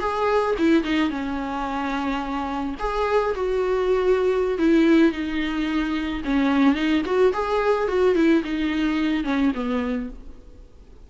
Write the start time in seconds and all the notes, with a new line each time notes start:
0.00 G#4
0.59 E4
0.84 D#4
1.10 C#4
2.79 G#4
3.35 F#4
4.59 E4
5.12 D#4
6.25 C#4
6.75 D#4
7.06 F#4
7.33 G#4
7.88 F#4
8.15 E4
8.44 D#4
9.24 C#4
9.55 B3